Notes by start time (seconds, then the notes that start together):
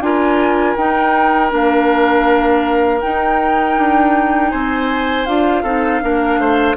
0.00 D4 F4 A#4 G#5
0.76 D#4 G5
1.50 A#3 D4 F5
3.00 D#4 G5
3.77 D4
4.50 C4 C5 G#5
5.25 D4 F4 F5
5.63 C4 D#4 A4
6.02 A#3 D4 A#4
6.37 A3 C5